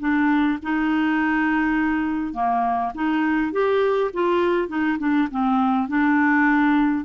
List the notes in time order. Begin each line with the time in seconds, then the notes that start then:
0.00 D4
0.63 D#4
2.34 A#3
2.95 D#4
3.52 G4
4.14 F4
4.69 D#4
4.99 D4
5.32 C4
5.89 D4